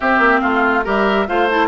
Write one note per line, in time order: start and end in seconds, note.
0.00 0.84 C4
0.00 0.18 C4
0.00 0.40 G4
0.00 0.40 E5
0.18 0.40 A#3
0.40 0.85 A3
0.40 0.84 F4
0.40 0.82 F5
0.84 1.28 G3
0.84 1.26 G4
0.84 1.27 A#4
0.84 1.28 E5
1.27 1.68 A3
1.27 1.48 F4
1.27 1.68 C5
1.27 1.49 F5
1.49 1.68 E4
1.49 1.68 A5